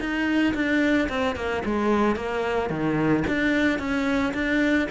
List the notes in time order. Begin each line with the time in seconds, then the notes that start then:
0.00 D#4
0.54 D4
1.09 C4
1.36 A#3
1.65 G#3
2.16 A#3
2.70 D#3
3.28 D4
3.79 C#4
4.34 D4